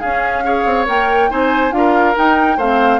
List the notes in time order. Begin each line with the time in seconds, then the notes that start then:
0.00 C#4 G#4 F5
0.45 G#4 C#5
0.65 C4
0.86 A#3 A#4 G5
1.29 C4 D#4 C5 G#5
1.71 D4 F4 A#4 F5
2.15 D#4 G5
2.57 A3 C4 C5 F5